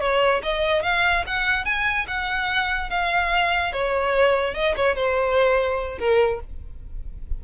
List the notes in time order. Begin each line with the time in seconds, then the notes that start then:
0.00 C#5
0.43 D#5
0.82 F5
1.26 F#5
1.64 G#5
2.07 F#5
2.89 F5
3.72 C#5
4.54 D#5
4.76 C#5
4.95 C5
5.98 A#4